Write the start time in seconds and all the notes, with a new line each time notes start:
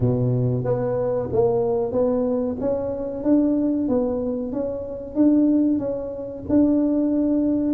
0.00 B2
0.64 B3
1.32 A#3
1.92 B3
2.60 C#4
3.23 D4
3.88 B3
4.52 C#4
5.15 D4
5.79 C#4
6.49 D4